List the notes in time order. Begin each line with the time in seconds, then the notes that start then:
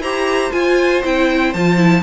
0.00 E4 G4 C5 A#5
0.51 F4 G#5
1.04 C4 E4 G5
1.53 F3 F4 A5
1.77 E4